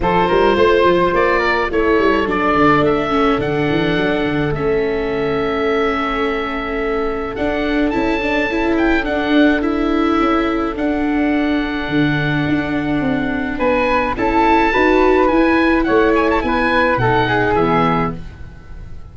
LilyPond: <<
  \new Staff \with { instrumentName = "oboe" } { \time 4/4 \tempo 4 = 106 c''2 d''4 cis''4 | d''4 e''4 fis''2 | e''1~ | e''4 fis''4 a''4. g''8 |
fis''4 e''2 fis''4~ | fis''1 | gis''4 a''2 gis''4 | fis''8 gis''16 a''16 gis''4 fis''4 e''4 | }
  \new Staff \with { instrumentName = "flute" } { \time 4/4 a'8 ais'8 c''4. ais'8 a'4~ | a'1~ | a'1~ | a'1~ |
a'1~ | a'1 | b'4 a'4 b'2 | cis''4 b'4 a'8 gis'4. | }
  \new Staff \with { instrumentName = "viola" } { \time 4/4 f'2. e'4 | d'4. cis'8 d'2 | cis'1~ | cis'4 d'4 e'8 d'8 e'4 |
d'4 e'2 d'4~ | d'1~ | d'4 e'4 fis'4 e'4~ | e'2 dis'4 b4 | }
  \new Staff \with { instrumentName = "tuba" } { \time 4/4 f8 g8 a8 f8 ais4 a8 g8 | fis8 d8 a4 d8 e8 fis8 d8 | a1~ | a4 d'4 cis'2 |
d'2 cis'4 d'4~ | d'4 d4 d'4 c'4 | b4 cis'4 dis'4 e'4 | a4 b4 b,4 e4 | }
>>